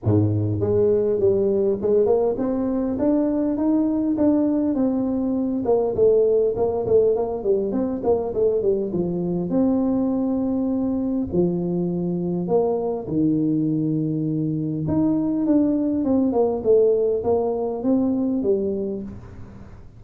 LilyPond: \new Staff \with { instrumentName = "tuba" } { \time 4/4 \tempo 4 = 101 gis,4 gis4 g4 gis8 ais8 | c'4 d'4 dis'4 d'4 | c'4. ais8 a4 ais8 a8 | ais8 g8 c'8 ais8 a8 g8 f4 |
c'2. f4~ | f4 ais4 dis2~ | dis4 dis'4 d'4 c'8 ais8 | a4 ais4 c'4 g4 | }